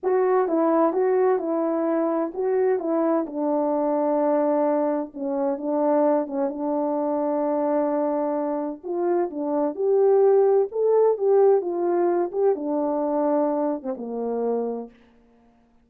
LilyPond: \new Staff \with { instrumentName = "horn" } { \time 4/4 \tempo 4 = 129 fis'4 e'4 fis'4 e'4~ | e'4 fis'4 e'4 d'4~ | d'2. cis'4 | d'4. cis'8 d'2~ |
d'2. f'4 | d'4 g'2 a'4 | g'4 f'4. g'8 d'4~ | d'4.~ d'16 c'16 ais2 | }